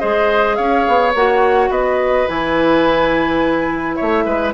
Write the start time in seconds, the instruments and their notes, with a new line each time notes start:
0.00 bassoon G#3, clarinet G#4, oboe C5, flute D#5
0.56 bassoon C#4, oboe C#5, flute F5
0.88 bassoon B3
1.15 bassoon A#3, clarinet F#4, flute F#5
1.70 bassoon B3, oboe B4, flute D#5
2.28 bassoon E3, clarinet E4, flute G#5
3.95 oboe C#5, flute E5
4.02 bassoon A3
4.25 bassoon G#3, oboe B4